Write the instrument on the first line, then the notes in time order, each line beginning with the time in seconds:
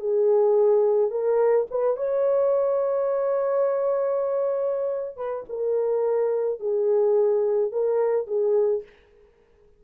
horn
0.00 G#4
1.11 A#4
1.71 B4
1.97 C#5
5.17 B4
5.49 A#4
6.60 G#4
7.72 A#4
8.27 G#4